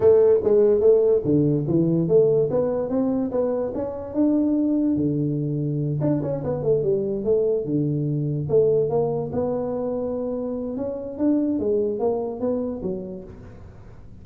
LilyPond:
\new Staff \with { instrumentName = "tuba" } { \time 4/4 \tempo 4 = 145 a4 gis4 a4 d4 | e4 a4 b4 c'4 | b4 cis'4 d'2 | d2~ d8 d'8 cis'8 b8 |
a8 g4 a4 d4.~ | d8 a4 ais4 b4.~ | b2 cis'4 d'4 | gis4 ais4 b4 fis4 | }